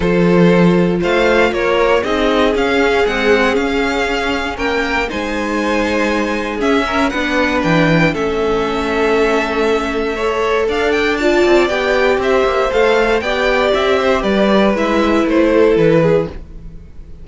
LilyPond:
<<
  \new Staff \with { instrumentName = "violin" } { \time 4/4 \tempo 4 = 118 c''2 f''4 cis''4 | dis''4 f''4 fis''4 f''4~ | f''4 g''4 gis''2~ | gis''4 e''4 fis''4 g''4 |
e''1~ | e''4 f''8 g''8 a''4 g''4 | e''4 f''4 g''4 e''4 | d''4 e''4 c''4 b'4 | }
  \new Staff \with { instrumentName = "violin" } { \time 4/4 a'2 c''4 ais'4 | gis'1~ | gis'4 ais'4 c''2~ | c''4 gis'8 ais'8 b'2 |
a'1 | cis''4 d''2. | c''2 d''4. c''8 | b'2~ b'8 a'4 gis'8 | }
  \new Staff \with { instrumentName = "viola" } { \time 4/4 f'1 | dis'4 cis'4 gis4 cis'4~ | cis'2 dis'2~ | dis'4 cis'4 d'2 |
cis'1 | a'2 f'4 g'4~ | g'4 a'4 g'2~ | g'4 e'2. | }
  \new Staff \with { instrumentName = "cello" } { \time 4/4 f2 a4 ais4 | c'4 cis'4 c'4 cis'4~ | cis'4 ais4 gis2~ | gis4 cis'4 b4 e4 |
a1~ | a4 d'4. c'8 b4 | c'8 ais8 a4 b4 c'4 | g4 gis4 a4 e4 | }
>>